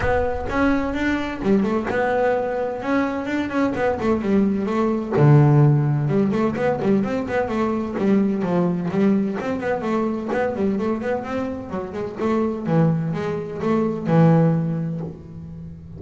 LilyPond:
\new Staff \with { instrumentName = "double bass" } { \time 4/4 \tempo 4 = 128 b4 cis'4 d'4 g8 a8 | b2 cis'4 d'8 cis'8 | b8 a8 g4 a4 d4~ | d4 g8 a8 b8 g8 c'8 b8 |
a4 g4 f4 g4 | c'8 b8 a4 b8 g8 a8 b8 | c'4 fis8 gis8 a4 e4 | gis4 a4 e2 | }